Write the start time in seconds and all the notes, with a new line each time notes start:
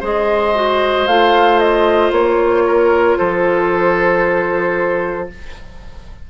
0.00 G#3 G#4 C5 D#5
0.54 F#4
1.07 A3 F4 F5
1.59 D#5
2.11 A#3 C#5
2.66 A#4
3.17 F3 A4 C5